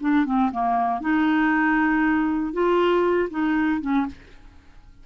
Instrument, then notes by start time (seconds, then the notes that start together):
clarinet
0.00 D4
0.26 C4
0.52 A#3
1.01 D#4
2.53 F4
3.30 D#4
3.81 C#4